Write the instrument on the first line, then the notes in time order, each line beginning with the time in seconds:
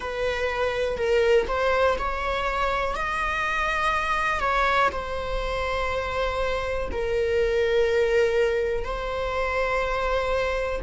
viola
0.00 B4
0.97 A#4
1.47 C5
1.98 C#5
2.95 D#5
4.40 C#5
4.92 C5
6.91 A#4
8.84 C5